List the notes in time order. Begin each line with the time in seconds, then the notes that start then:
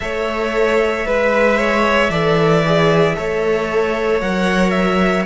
0.00 A3 A4 C#5 E5
1.04 G#3 B4
1.57 C#5
2.09 E3 A4 D5
2.65 G#4
3.16 A3 A4 C#5
4.20 F#3 A#4 F#5
4.70 E5